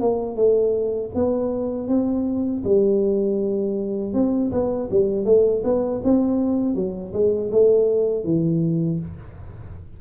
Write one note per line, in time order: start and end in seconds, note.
0.00 0.36 A#3
0.36 1.11 A3
1.15 1.88 B3
1.88 2.62 C4
2.64 4.14 G3
4.14 4.51 C4
4.51 4.89 B3
4.91 5.25 G3
5.25 5.62 A3
5.64 6.01 B3
6.04 6.75 C4
6.75 7.12 F#3
7.13 7.51 G#3
7.51 8.24 A3
8.24 8.99 E3